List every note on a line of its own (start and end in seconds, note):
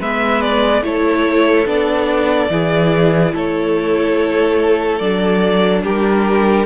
0.00 0.82 G#3
0.00 0.83 B3
0.00 0.83 B4
0.00 0.42 E5
0.42 0.84 D5
0.82 1.66 A3
0.82 1.66 E4
0.82 2.52 A4
0.82 1.68 C#5
1.66 2.49 B3
1.66 2.49 D4
1.66 3.35 D5
2.50 3.33 E3
2.50 5.01 E4
2.50 3.34 G#4
3.34 5.01 A3
3.34 5.84 A4
3.34 4.99 C#5
4.99 5.84 F#3
4.99 6.66 D4
4.99 5.82 D5
5.84 6.66 G3
5.84 6.66 G4
5.84 6.66 A#4